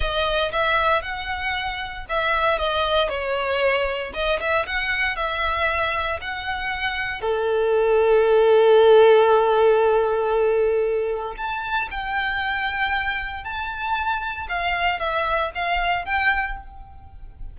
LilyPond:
\new Staff \with { instrumentName = "violin" } { \time 4/4 \tempo 4 = 116 dis''4 e''4 fis''2 | e''4 dis''4 cis''2 | dis''8 e''8 fis''4 e''2 | fis''2 a'2~ |
a'1~ | a'2 a''4 g''4~ | g''2 a''2 | f''4 e''4 f''4 g''4 | }